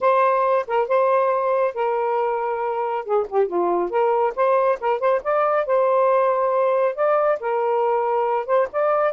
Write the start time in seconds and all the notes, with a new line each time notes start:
0.00 C5
0.67 A#4
0.88 C5
1.74 A#4
3.04 G#4
3.28 G4
3.47 F4
3.90 A#4
4.35 C5
4.80 A#4
4.99 C5
5.23 D5
5.65 C5
6.95 D5
7.39 A#4
8.46 C5
8.72 D5